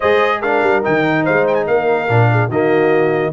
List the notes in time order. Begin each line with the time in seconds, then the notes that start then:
0.00 G#3 G#4 C5 D#5
0.41 D4 A#4 F5
0.63 G3
0.83 D#3 D#4 G5
1.23 G#3 C5 F5
1.47 G5
1.54 G#5
1.67 A#3 A#4 F5
2.08 A#2 D4
2.31 G#4
2.48 D#3 A#3 F#4 D#5